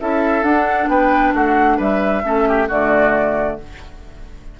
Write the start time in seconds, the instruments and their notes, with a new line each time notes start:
0.00 bassoon C#4, clarinet E4, oboe A4, flute E5
0.43 bassoon D4, clarinet D4, flute F#5
0.87 bassoon B3, oboe B4, flute G5
1.34 bassoon A3, oboe F#4, flute F#5
1.77 bassoon G3, oboe B4, flute E5
2.23 bassoon A3, clarinet C#4, oboe A4
2.48 oboe G4
2.67 bassoon D3, clarinet A3, oboe F#4, flute D5